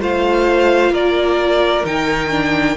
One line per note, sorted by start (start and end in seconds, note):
0.00 0.90 A3
0.00 1.85 F4
0.00 0.92 C5
0.00 0.94 F5
0.90 1.82 A#3
0.90 2.76 A#4
0.90 1.85 D5
1.85 2.77 D#3
1.85 2.30 D#4
1.85 2.77 G5
2.30 2.76 D4